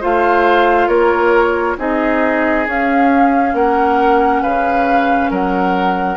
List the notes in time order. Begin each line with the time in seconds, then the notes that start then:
0.00 A3 F4 C5 F5
0.87 A#3 A#4 C#5
1.78 C4 D#4 G#4 D#5
2.67 C#4 F5
3.53 A#3 A#4 F#5
4.42 C#3 B4 F5
5.30 F#3 A#4 F#5